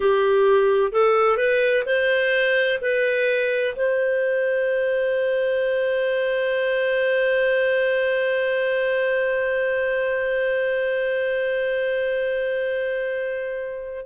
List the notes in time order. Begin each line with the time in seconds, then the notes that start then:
0.00 G4
0.92 A4
1.37 B4
1.85 C5
2.81 B4
3.75 C5